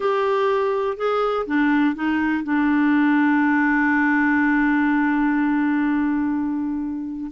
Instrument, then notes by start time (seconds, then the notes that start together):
clarinet
0.00 G4
0.97 G#4
1.46 D4
1.95 D#4
2.43 D4